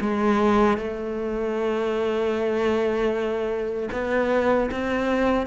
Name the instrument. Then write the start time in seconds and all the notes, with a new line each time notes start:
cello
0.00 G#3
0.77 A3
3.92 B3
4.71 C4